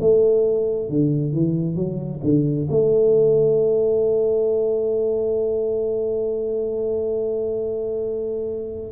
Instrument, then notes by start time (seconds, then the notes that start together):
tuba
0.00 A3
0.89 D3
1.33 E3
1.75 F#3
2.23 D3
2.70 A3